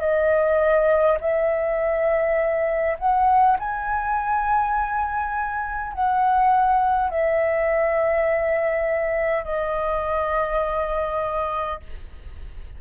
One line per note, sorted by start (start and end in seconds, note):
0.00 1.18 D#5
1.20 2.97 E5
2.98 3.57 F#5
3.59 5.93 G#5
5.93 7.10 F#5
7.10 9.44 E5
9.44 11.80 D#5